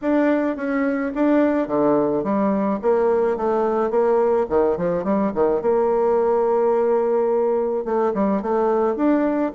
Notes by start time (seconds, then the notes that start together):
0.01 D4
0.56 C#4
1.14 D4
1.67 D3
2.23 G3
2.82 A#3
3.36 A3
3.90 A#3
4.49 D#3
4.77 F3
5.04 G3
5.34 D#3
5.61 A#3
7.85 A3
8.14 G3
8.42 A3
8.96 D4